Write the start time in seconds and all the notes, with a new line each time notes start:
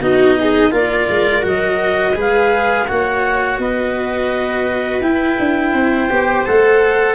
0.00 B3 D#4 F#4 D#5
0.40 G#4
0.71 A#3 F4 A#4 D5
1.09 G#3
1.42 F#3 F#4 D#5
2.15 G#3 G#4 B4 F5
2.87 A#3 F#4 C#5 F#5
3.58 B3 B4 D#5
5.01 E4 G5
5.39 D4
5.73 C4 C5
6.10 B3 G4
6.46 A3 A4 F#5